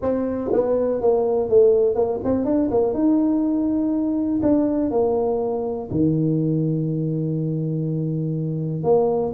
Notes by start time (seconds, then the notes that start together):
0.02 C4
0.52 B3
1.01 A#3
1.49 A3
1.95 A#3
2.24 C4
2.45 D4
2.70 A#3
2.93 D#4
4.42 D4
4.90 A#3
5.90 D#3
8.83 A#3